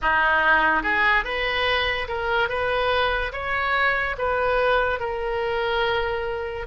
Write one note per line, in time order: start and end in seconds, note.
0.02 0.82 D#4
0.82 1.24 G#4
1.24 2.07 B4
2.08 2.48 A#4
2.48 3.32 B4
3.32 4.16 C#5
4.18 4.99 B4
4.99 6.66 A#4